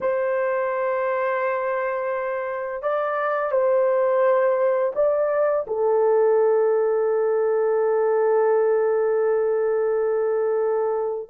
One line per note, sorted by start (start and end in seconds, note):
0.00 2.82 C5
2.82 3.51 D5
3.51 4.93 C5
4.95 5.65 D5
5.67 11.29 A4